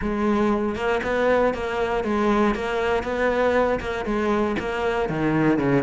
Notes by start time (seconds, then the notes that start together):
0.01 G#3
0.75 A#3
1.03 B3
1.53 A#3
2.03 G#3
2.54 A#3
3.03 B3
3.80 A#3
4.05 G#3
4.59 A#3
5.09 D#3
5.58 C#3